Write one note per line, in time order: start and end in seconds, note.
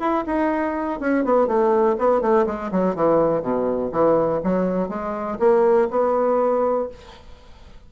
0.00 0.25 E4
0.27 1.00 D#4
1.00 1.25 C#4
1.25 1.48 B3
1.48 1.97 A3
1.99 2.22 B3
2.22 2.46 A3
2.47 2.71 G#3
2.72 2.96 F#3
2.96 3.42 E3
3.42 3.92 B2
3.92 4.41 E3
4.44 4.89 F#3
4.89 5.38 G#3
5.40 5.89 A#3
5.91 6.89 B3